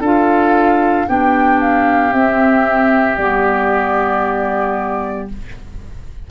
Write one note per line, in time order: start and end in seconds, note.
0.00 1.05 D4
0.00 1.08 F4
0.00 1.06 A4
0.00 1.08 F5
1.08 2.12 B3
1.08 2.13 D4
1.08 5.31 G4
1.08 1.61 G5
1.61 2.13 F5
2.12 3.18 C4
2.12 3.19 C4
2.12 3.17 E5
3.17 5.29 G3
3.17 5.29 B3
3.17 5.28 D5